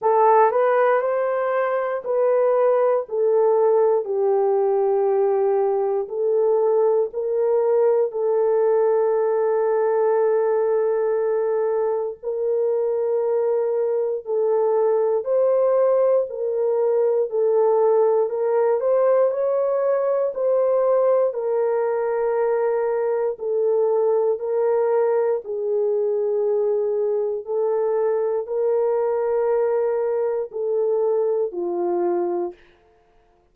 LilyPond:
\new Staff \with { instrumentName = "horn" } { \time 4/4 \tempo 4 = 59 a'8 b'8 c''4 b'4 a'4 | g'2 a'4 ais'4 | a'1 | ais'2 a'4 c''4 |
ais'4 a'4 ais'8 c''8 cis''4 | c''4 ais'2 a'4 | ais'4 gis'2 a'4 | ais'2 a'4 f'4 | }